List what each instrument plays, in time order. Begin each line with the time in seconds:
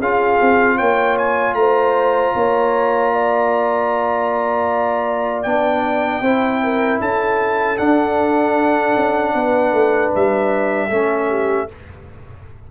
0.00 tuba C#4, trombone F4, horn G#4, trumpet F5
0.41 tuba C4
0.76 tuba A#3, horn C#5, trumpet G5
1.17 trumpet G#5
1.54 tuba A3, horn C5, trumpet A#5
2.35 tuba A#3, horn C#5
3.13 horn D5
5.43 tuba B3, trombone D4, trumpet G5
6.21 tuba C4, trombone E4, horn C5
6.63 horn A#4
7.00 tuba C#4, horn A4, trumpet A5
7.77 trombone D4, tuba D4, trumpet F#5
8.96 tuba C#4
9.34 tuba B3, horn B4
9.72 tuba A3
10.15 tuba G3, trumpet E5
10.88 tuba A3, trombone C#4, horn A4
11.29 horn G4